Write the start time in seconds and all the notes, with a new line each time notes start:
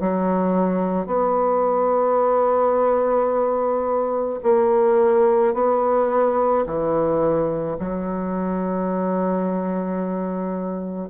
0.00 F#3
1.07 B3
4.43 A#3
5.54 B3
6.67 E3
7.79 F#3